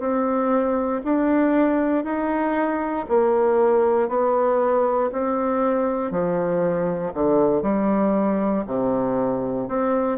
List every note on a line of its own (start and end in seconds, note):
0.00 1.02 C4
1.04 2.04 D4
2.04 3.06 D#4
3.09 4.09 A#3
4.09 5.10 B3
5.13 6.11 C4
6.11 7.13 F3
7.14 7.62 D3
7.62 8.64 G3
8.67 9.68 C3
9.68 10.18 C4